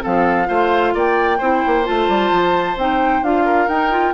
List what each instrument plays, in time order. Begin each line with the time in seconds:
0.00 bassoon F3, clarinet C4, oboe A4, flute F5
0.45 bassoon A3, clarinet F4, oboe C5
0.94 bassoon A#3, oboe D5, flute G5
1.38 bassoon C4, clarinet E4, oboe C5
1.66 bassoon A#3
1.84 bassoon A3, clarinet F4, flute A5
2.08 bassoon G3
2.31 bassoon F3
2.76 bassoon C4, clarinet D#4, flute G5
3.21 bassoon D4, clarinet F4, flute F5
3.45 oboe A#4
3.67 bassoon D#4, clarinet D#4, flute G5
3.90 clarinet F4